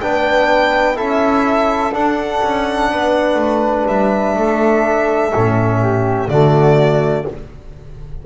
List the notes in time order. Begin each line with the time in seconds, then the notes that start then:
0.00 B3 D4 B4 G5
0.95 C#4 E4 A4 E5
1.92 D4 F#5
2.43 C#4
2.90 B3 B4
3.35 A3
3.87 G3 E5
4.35 A3 A4
5.32 A2 C#4
5.81 G4
6.28 D3 A3 F#4 D5